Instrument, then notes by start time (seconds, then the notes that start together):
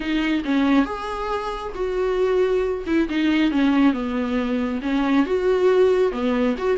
viola
0.00 D#4
0.44 C#4
0.85 G#4
1.75 F#4
2.86 E4
3.09 D#4
3.51 C#4
3.93 B3
4.82 C#4
5.26 F#4
6.11 B3
6.58 F#4